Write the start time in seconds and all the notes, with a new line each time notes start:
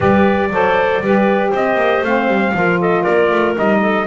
0.00 G3 G4 B4 D5
0.49 F#3 A4 C5
1.01 G3 G4 B4
1.50 C4 C5 D#5
1.75 A#3
2.01 A3 C4 F5
2.27 G3
2.54 F3 F4 A#4
2.80 A4 D#5
3.02 A#3 A#4 D5
3.31 A3
3.55 G3 D#4 D#5
3.81 A4